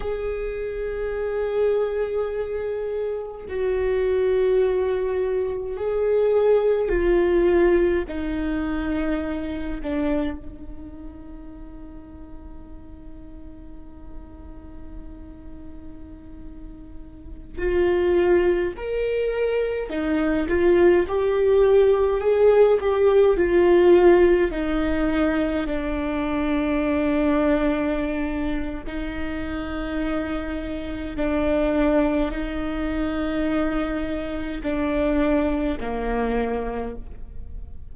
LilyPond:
\new Staff \with { instrumentName = "viola" } { \time 4/4 \tempo 4 = 52 gis'2. fis'4~ | fis'4 gis'4 f'4 dis'4~ | dis'8 d'8 dis'2.~ | dis'2.~ dis'16 f'8.~ |
f'16 ais'4 dis'8 f'8 g'4 gis'8 g'16~ | g'16 f'4 dis'4 d'4.~ d'16~ | d'4 dis'2 d'4 | dis'2 d'4 ais4 | }